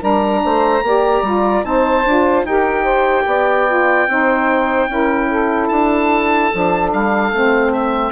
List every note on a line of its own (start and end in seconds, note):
0.00 0.43 G3
0.00 0.82 D4
0.00 0.41 A#4
0.00 1.65 A#5
0.45 0.83 A3
0.45 0.85 C5
0.83 1.22 A#3
0.83 1.25 G4
0.83 1.66 D5
1.22 1.63 G3
1.22 1.64 F4
1.64 2.05 C4
1.64 2.04 D#4
1.64 2.47 C5
1.64 2.46 A5
2.05 2.44 D4
2.05 2.46 F4
2.44 3.25 D#4
2.44 3.67 G4
2.44 2.84 A#4
2.44 5.69 G5
2.84 3.24 C5
3.27 4.08 B3
3.27 4.09 D5
3.67 4.08 F4
4.08 4.89 C4
4.08 4.89 D#4
4.08 4.90 C5
4.89 5.70 C#4
4.89 6.51 E4
4.89 5.29 A#4
5.29 8.12 A4
5.69 6.52 D4
5.69 6.90 A5
6.53 6.93 F3
6.53 7.34 D4
6.93 7.32 G3
6.93 7.73 F5
7.32 8.12 A3
7.32 8.12 C4
7.73 8.12 E5